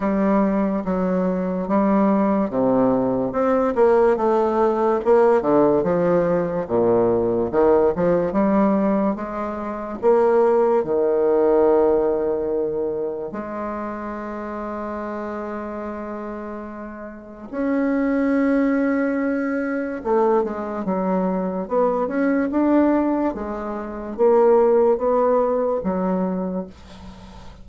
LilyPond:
\new Staff \with { instrumentName = "bassoon" } { \time 4/4 \tempo 4 = 72 g4 fis4 g4 c4 | c'8 ais8 a4 ais8 d8 f4 | ais,4 dis8 f8 g4 gis4 | ais4 dis2. |
gis1~ | gis4 cis'2. | a8 gis8 fis4 b8 cis'8 d'4 | gis4 ais4 b4 fis4 | }